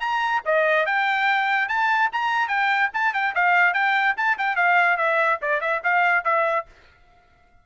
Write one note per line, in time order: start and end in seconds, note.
0.00 0.41 A#5
0.45 0.86 D#5
0.86 1.68 G5
1.68 2.10 A5
2.12 2.48 A#5
2.48 2.89 G5
2.94 3.13 A5
3.13 3.34 G5
3.34 3.73 F5
3.73 4.15 G5
4.17 4.37 A5
4.38 4.56 G5
4.56 4.97 F5
4.97 5.38 E5
5.41 5.61 D5
5.61 5.81 E5
5.83 6.24 F5
6.24 6.66 E5